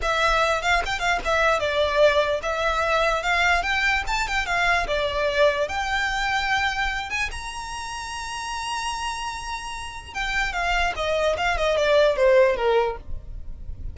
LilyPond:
\new Staff \with { instrumentName = "violin" } { \time 4/4 \tempo 4 = 148 e''4. f''8 g''8 f''8 e''4 | d''2 e''2 | f''4 g''4 a''8 g''8 f''4 | d''2 g''2~ |
g''4. gis''8 ais''2~ | ais''1~ | ais''4 g''4 f''4 dis''4 | f''8 dis''8 d''4 c''4 ais'4 | }